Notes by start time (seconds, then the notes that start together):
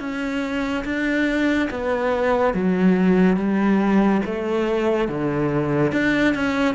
0.00 C#4
0.85 D4
1.71 B3
2.54 F#3
3.37 G3
4.26 A3
5.08 D3
5.92 D4
6.35 C#4